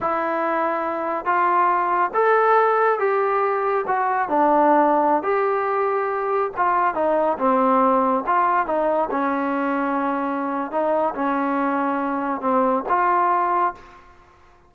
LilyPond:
\new Staff \with { instrumentName = "trombone" } { \time 4/4 \tempo 4 = 140 e'2. f'4~ | f'4 a'2 g'4~ | g'4 fis'4 d'2~ | d'16 g'2. f'8.~ |
f'16 dis'4 c'2 f'8.~ | f'16 dis'4 cis'2~ cis'8.~ | cis'4 dis'4 cis'2~ | cis'4 c'4 f'2 | }